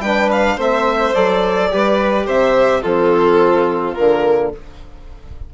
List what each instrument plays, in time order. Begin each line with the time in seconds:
0.00 bassoon G3, trombone D4, violin B4 G5
0.32 violin F5
0.57 bassoon A3, trombone C4, violin C5 E5
1.15 bassoon F#3, trombone A4, violin D5
1.71 bassoon G3, trombone G4, violin B4
2.27 bassoon C3, violin C5 E5
2.82 bassoon F3, trombone C4, violin F4 A4
3.94 bassoon D3, trombone A#3, violin A#4